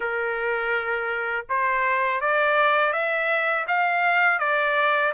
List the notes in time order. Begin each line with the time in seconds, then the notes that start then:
0.00 A#4
1.49 C5
2.21 D5
2.92 E5
3.67 F5
4.39 D5